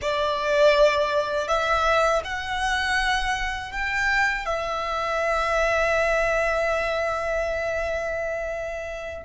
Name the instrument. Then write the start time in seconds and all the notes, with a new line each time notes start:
violin
0.01 D5
1.48 E5
2.24 F#5
3.71 G5
4.45 E5